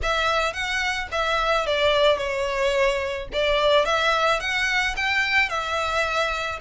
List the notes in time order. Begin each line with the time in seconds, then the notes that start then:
0.02 E5
0.53 F#5
1.11 E5
1.66 D5
2.17 C#5
3.33 D5
3.85 E5
4.40 F#5
4.96 G5
5.49 E5